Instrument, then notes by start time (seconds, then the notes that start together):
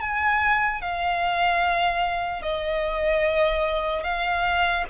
violin
0.00 G#5
0.81 F5
2.42 D#5
4.03 F5